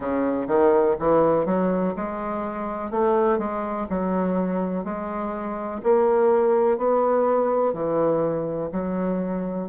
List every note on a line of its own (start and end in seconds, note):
0.00 0.47 C#3
0.48 0.96 D#3
0.99 1.45 E3
1.45 1.94 F#3
1.96 2.90 G#3
2.90 3.38 A3
3.38 3.87 G#3
3.89 4.84 F#3
4.84 5.81 G#3
5.83 6.77 A#3
6.77 7.73 B3
7.73 8.70 E3
8.71 9.68 F#3